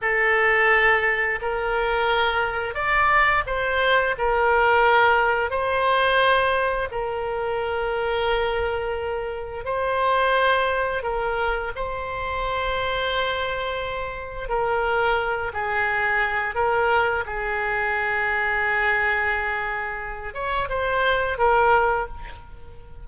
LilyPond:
\new Staff \with { instrumentName = "oboe" } { \time 4/4 \tempo 4 = 87 a'2 ais'2 | d''4 c''4 ais'2 | c''2 ais'2~ | ais'2 c''2 |
ais'4 c''2.~ | c''4 ais'4. gis'4. | ais'4 gis'2.~ | gis'4. cis''8 c''4 ais'4 | }